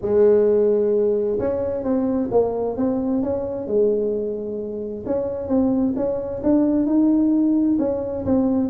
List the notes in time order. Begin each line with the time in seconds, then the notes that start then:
0.01 G#3
1.39 C#4
1.83 C4
2.31 A#3
2.76 C4
3.22 C#4
3.67 G#3
5.05 C#4
5.48 C4
5.96 C#4
6.43 D4
6.86 D#4
7.79 C#4
8.25 C4